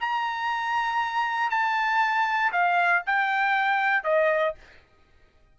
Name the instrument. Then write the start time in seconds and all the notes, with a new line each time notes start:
trumpet
0.00 A#5
1.50 A5
2.52 F5
3.06 G5
4.04 D#5